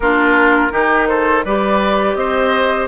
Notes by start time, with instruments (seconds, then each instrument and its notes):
0.00 bassoon A#3, clarinet D4, oboe F4, flute A#4
0.70 bassoon D#3, clarinet D#4, oboe G4
1.07 oboe A4, flute C5
1.44 bassoon G3, clarinet G4, oboe B4, flute D5
2.14 bassoon C4, oboe C5, flute D#5